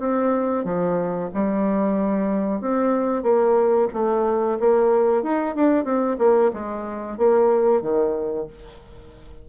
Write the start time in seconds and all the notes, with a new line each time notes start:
0.00 C4
0.65 F3
1.35 G3
2.61 C4
3.23 A#3
3.94 A3
4.60 A#3
5.23 D#4
5.56 D4
5.85 C4
6.19 A#3
6.54 G#3
7.18 A#3
7.82 D#3